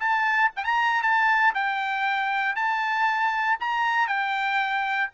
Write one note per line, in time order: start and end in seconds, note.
0.00 0.51 A5
0.56 0.65 G5
0.65 1.03 A#5
1.03 1.54 A5
1.55 2.56 G5
2.56 3.58 A5
3.60 4.08 A#5
4.08 5.10 G5